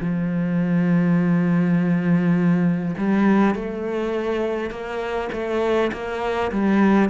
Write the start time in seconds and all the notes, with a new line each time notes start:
0.00 F3
2.97 G3
3.55 A3
4.70 A#3
5.32 A3
5.92 A#3
6.51 G3